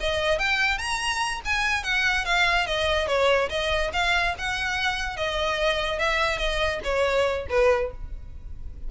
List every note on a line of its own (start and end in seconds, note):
0.00 0.39 D#5
0.39 0.78 G5
0.78 1.41 A#5
1.45 1.83 G#5
1.83 2.25 F#5
2.25 2.67 F5
2.67 3.07 D#5
3.07 3.49 C#5
3.49 3.91 D#5
3.93 4.35 F5
4.38 5.17 F#5
5.17 5.99 D#5
5.99 6.38 E5
6.38 6.80 D#5
6.84 7.46 C#5
7.49 7.91 B4